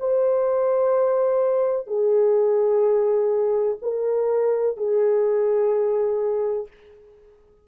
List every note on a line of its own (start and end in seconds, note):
0.00 1.87 C5
1.87 3.77 G#4
3.82 4.77 A#4
4.77 6.68 G#4